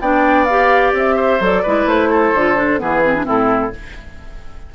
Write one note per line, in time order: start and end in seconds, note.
0.00 0.93 B3
0.00 0.48 D4
0.00 1.16 D5
0.00 0.44 G5
0.44 1.40 G4
0.44 0.91 F5
0.93 1.39 C4
0.93 1.44 E5
1.16 1.62 C5
1.40 1.63 F#3
1.40 1.63 A4
1.40 1.88 D5
1.62 1.85 G#3
1.62 2.36 E4
1.62 2.09 B4
1.85 2.32 A3
1.85 2.80 C5
2.09 2.79 A4
2.34 2.80 D3
2.34 2.55 F4
2.55 2.79 D4
2.79 3.26 E3
2.79 3.02 B3
2.79 3.26 G#4
2.79 3.26 B4
3.04 3.16 C4
3.16 3.24 D4
3.24 3.73 A2
3.24 3.70 C4
3.24 3.72 E4
3.24 3.75 A4